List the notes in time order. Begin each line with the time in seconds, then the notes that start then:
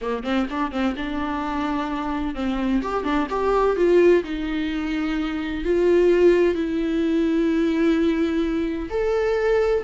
0.01 A#3
0.23 C4
0.49 D4
0.71 C4
0.96 D4
2.34 C4
2.82 G4
3.03 D4
3.30 G4
3.76 F4
4.23 D#4
5.64 F4
6.55 E4
8.90 A4